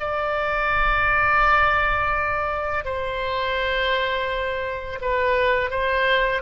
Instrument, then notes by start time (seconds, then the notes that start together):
oboe
0.00 D5
2.85 C5
5.02 B4
5.71 C5